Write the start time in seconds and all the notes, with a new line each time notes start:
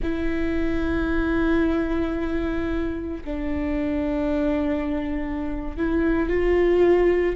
0.02 E4
3.24 D4
5.76 E4
6.29 F4